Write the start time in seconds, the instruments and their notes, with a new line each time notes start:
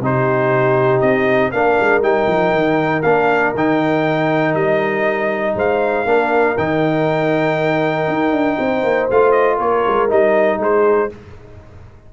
0.00 tuba C3, trombone D#4, horn G4, trumpet C5
1.01 tuba C4, trumpet D#5
1.51 tuba A#3, trombone D4, horn A#4, trumpet F5
1.80 tuba G#3
2.01 tuba G3, trombone D#4, trumpet G5
2.28 tuba F3
2.53 tuba D#3
3.02 tuba A#3, trombone D4, trumpet F5
3.55 tuba D#3, trombone D#4, trumpet G5
4.54 tuba G3, trumpet D#5
5.55 tuba G#3, horn C5, trumpet F5
6.05 tuba A#3, trombone D4, horn A#4
6.57 tuba D#3, trombone D#4, trumpet G5
8.08 tuba D#4
8.31 tuba D4
8.59 tuba C4, horn C5
8.83 tuba A#3
9.10 tuba A3, trombone F4, trumpet F5
9.31 trumpet D#5
9.57 tuba A#3, horn A#4, trumpet C#5
9.87 tuba G#3
10.09 tuba G3, trombone D#4, trumpet D#5
10.58 tuba G#3, horn G#4, trumpet C5